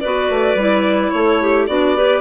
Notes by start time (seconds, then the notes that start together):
0.00 B3 F#4 B4 D5
0.30 A3
0.55 G3 E4
1.11 A3 A4 C#5
1.42 G4
1.67 B3 D4 F#4 D5
1.96 G4 B4